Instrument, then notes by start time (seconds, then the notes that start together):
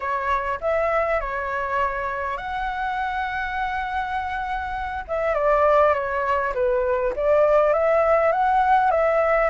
flute
0.00 C#5
0.60 E5
1.20 C#5
2.37 F#5
5.07 E5
5.34 D5
5.94 C#5
6.54 B4
7.16 D5
7.73 E5
8.32 F#5
8.91 E5